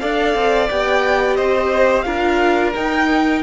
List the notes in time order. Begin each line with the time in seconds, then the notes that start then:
0.00 D4 A4 D5 F5
0.35 C4
0.70 B3 G4 G5
1.36 C4 C5 D#5
2.02 D4 F4 A#4 F5
2.75 D#4 G5